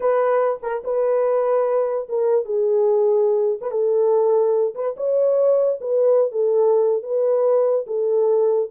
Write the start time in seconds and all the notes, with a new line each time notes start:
0.00 B4
0.62 A#4
0.84 B4
2.08 A#4
2.45 G#4
3.61 B4
3.71 A4
4.75 B4
4.96 C#5
5.80 B4
6.31 A4
7.03 B4
7.87 A4